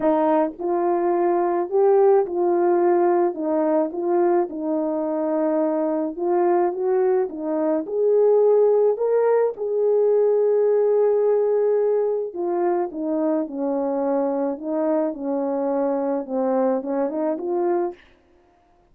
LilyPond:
\new Staff \with { instrumentName = "horn" } { \time 4/4 \tempo 4 = 107 dis'4 f'2 g'4 | f'2 dis'4 f'4 | dis'2. f'4 | fis'4 dis'4 gis'2 |
ais'4 gis'2.~ | gis'2 f'4 dis'4 | cis'2 dis'4 cis'4~ | cis'4 c'4 cis'8 dis'8 f'4 | }